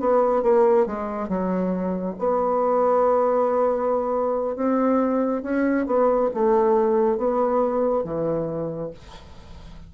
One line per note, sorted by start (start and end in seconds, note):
0.00 0.43 B3
0.43 0.87 A#3
0.87 1.29 G#3
1.29 2.16 F#3
2.19 4.56 B3
4.56 5.43 C4
5.43 5.87 C#4
5.87 6.30 B3
6.34 7.18 A3
7.18 8.04 B3
8.04 8.91 E3